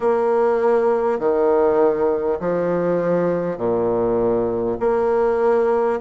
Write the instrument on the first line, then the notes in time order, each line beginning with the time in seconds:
bassoon
0.00 A#3
1.19 D#3
2.39 F3
3.57 A#2
4.79 A#3